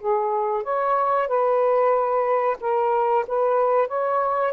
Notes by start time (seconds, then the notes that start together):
0.00 G#4
0.63 C#5
1.28 B4
2.60 A#4
3.27 B4
3.88 C#5